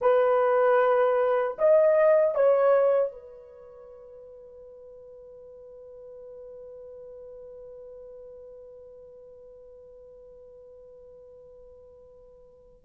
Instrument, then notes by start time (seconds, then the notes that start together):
horn
0.01 B4
1.58 D#5
2.34 C#5
3.12 B4